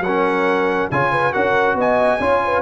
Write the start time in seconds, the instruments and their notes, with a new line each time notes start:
0.00 tuba F#3, horn A#4, trumpet F#5
0.07 trombone C#4
0.91 tuba C#3, trombone F4, horn C#5, trumpet G#5
1.12 horn B4
1.33 tuba C#4, trombone F#4, horn A#4, trumpet F#5
1.75 tuba B3, horn D#5, trumpet G#5
2.20 tuba C#4, trombone F4, horn C#5
2.45 horn B4